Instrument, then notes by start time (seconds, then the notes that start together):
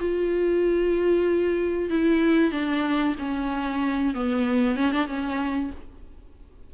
viola
0.00 F4
1.90 E4
2.52 D4
3.19 C#4
4.14 B3
4.76 C#4
4.92 D4
5.07 C#4